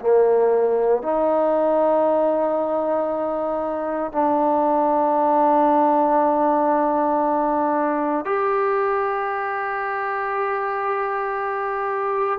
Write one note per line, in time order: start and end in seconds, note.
0.00 1.02 A#3
1.02 4.12 D#4
4.12 8.25 D4
8.25 12.39 G4